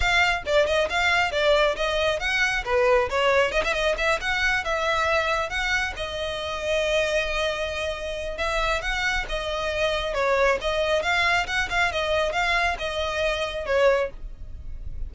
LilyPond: \new Staff \with { instrumentName = "violin" } { \time 4/4 \tempo 4 = 136 f''4 d''8 dis''8 f''4 d''4 | dis''4 fis''4 b'4 cis''4 | dis''16 e''16 dis''8 e''8 fis''4 e''4.~ | e''8 fis''4 dis''2~ dis''8~ |
dis''2. e''4 | fis''4 dis''2 cis''4 | dis''4 f''4 fis''8 f''8 dis''4 | f''4 dis''2 cis''4 | }